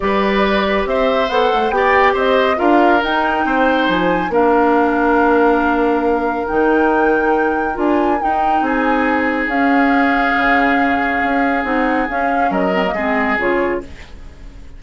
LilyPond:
<<
  \new Staff \with { instrumentName = "flute" } { \time 4/4 \tempo 4 = 139 d''2 e''4 fis''4 | g''4 dis''4 f''4 g''4~ | g''4 gis''4 f''2~ | f''2. g''4~ |
g''2 gis''4 g''4 | gis''2 f''2~ | f''2. fis''4 | f''4 dis''2 cis''4 | }
  \new Staff \with { instrumentName = "oboe" } { \time 4/4 b'2 c''2 | d''4 c''4 ais'2 | c''2 ais'2~ | ais'1~ |
ais'1 | gis'1~ | gis'1~ | gis'4 ais'4 gis'2 | }
  \new Staff \with { instrumentName = "clarinet" } { \time 4/4 g'2. a'4 | g'2 f'4 dis'4~ | dis'2 d'2~ | d'2. dis'4~ |
dis'2 f'4 dis'4~ | dis'2 cis'2~ | cis'2. dis'4 | cis'4. c'16 ais16 c'4 f'4 | }
  \new Staff \with { instrumentName = "bassoon" } { \time 4/4 g2 c'4 b8 a8 | b4 c'4 d'4 dis'4 | c'4 f4 ais2~ | ais2. dis4~ |
dis2 d'4 dis'4 | c'2 cis'2 | cis2 cis'4 c'4 | cis'4 fis4 gis4 cis4 | }
>>